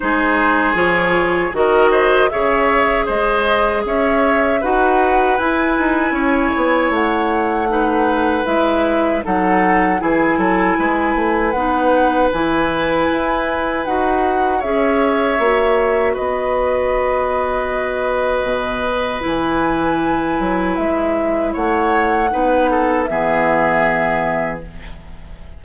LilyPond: <<
  \new Staff \with { instrumentName = "flute" } { \time 4/4 \tempo 4 = 78 c''4 cis''4 dis''4 e''4 | dis''4 e''4 fis''4 gis''4~ | gis''4 fis''2 e''4 | fis''4 gis''2 fis''4 |
gis''2 fis''4 e''4~ | e''4 dis''2.~ | dis''4 gis''2 e''4 | fis''2 e''2 | }
  \new Staff \with { instrumentName = "oboe" } { \time 4/4 gis'2 ais'8 c''8 cis''4 | c''4 cis''4 b'2 | cis''2 b'2 | a'4 gis'8 a'8 b'2~ |
b'2. cis''4~ | cis''4 b'2.~ | b'1 | cis''4 b'8 a'8 gis'2 | }
  \new Staff \with { instrumentName = "clarinet" } { \time 4/4 dis'4 f'4 fis'4 gis'4~ | gis'2 fis'4 e'4~ | e'2 dis'4 e'4 | dis'4 e'2 dis'4 |
e'2 fis'4 gis'4 | fis'1~ | fis'4 e'2.~ | e'4 dis'4 b2 | }
  \new Staff \with { instrumentName = "bassoon" } { \time 4/4 gis4 f4 dis4 cis4 | gis4 cis'4 dis'4 e'8 dis'8 | cis'8 b8 a2 gis4 | fis4 e8 fis8 gis8 a8 b4 |
e4 e'4 dis'4 cis'4 | ais4 b2. | b,4 e4. fis8 gis4 | a4 b4 e2 | }
>>